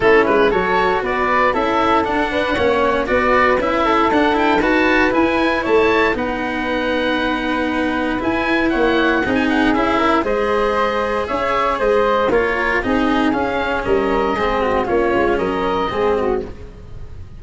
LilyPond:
<<
  \new Staff \with { instrumentName = "oboe" } { \time 4/4 \tempo 4 = 117 a'8 b'8 cis''4 d''4 e''4 | fis''2 d''4 e''4 | fis''8 g''8 a''4 gis''4 a''4 | fis''1 |
gis''4 fis''4~ fis''16 gis''16 fis''8 e''4 | dis''2 e''4 dis''4 | cis''4 dis''4 f''4 dis''4~ | dis''4 cis''4 dis''2 | }
  \new Staff \with { instrumentName = "flute" } { \time 4/4 e'4 a'4 b'4 a'4~ | a'8 b'8 cis''4 b'4. a'8~ | a'4 b'2 cis''4 | b'1~ |
b'4 cis''4 gis'4. ais'8 | c''2 cis''4 c''4 | ais'4 gis'2 ais'4 | gis'8 fis'8 f'4 ais'4 gis'8 fis'8 | }
  \new Staff \with { instrumentName = "cello" } { \time 4/4 cis'4 fis'2 e'4 | d'4 cis'4 fis'4 e'4 | d'8 e'8 fis'4 e'2 | dis'1 |
e'2 dis'4 e'4 | gis'1 | f'4 dis'4 cis'2 | c'4 cis'2 c'4 | }
  \new Staff \with { instrumentName = "tuba" } { \time 4/4 a8 gis8 fis4 b4 cis'4 | d'4 ais4 b4 cis'4 | d'4 dis'4 e'4 a4 | b1 |
e'4 ais4 c'4 cis'4 | gis2 cis'4 gis4 | ais4 c'4 cis'4 g4 | gis4 ais8 gis8 fis4 gis4 | }
>>